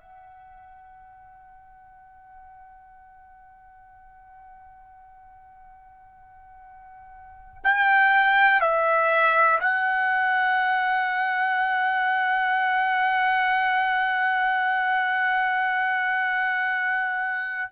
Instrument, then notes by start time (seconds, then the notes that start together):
trumpet
0.00 F#5
7.64 G5
8.61 E5
9.60 F#5